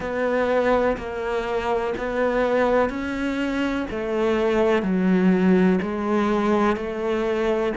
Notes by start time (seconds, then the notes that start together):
0.00 B3
0.97 A#3
1.97 B3
2.89 C#4
3.90 A3
4.82 F#3
5.82 G#3
6.76 A3